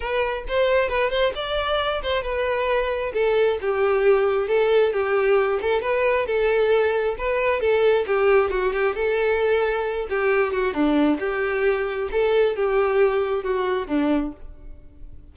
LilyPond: \new Staff \with { instrumentName = "violin" } { \time 4/4 \tempo 4 = 134 b'4 c''4 b'8 c''8 d''4~ | d''8 c''8 b'2 a'4 | g'2 a'4 g'4~ | g'8 a'8 b'4 a'2 |
b'4 a'4 g'4 fis'8 g'8 | a'2~ a'8 g'4 fis'8 | d'4 g'2 a'4 | g'2 fis'4 d'4 | }